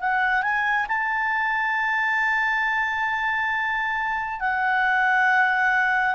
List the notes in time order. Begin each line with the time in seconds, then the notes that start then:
0.00 F#5
0.43 G#5
0.88 A5
4.40 F#5